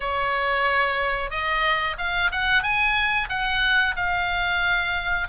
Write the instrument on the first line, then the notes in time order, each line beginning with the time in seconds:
oboe
0.00 C#5
1.30 D#5
1.98 F5
2.31 F#5
2.62 G#5
3.29 F#5
3.96 F5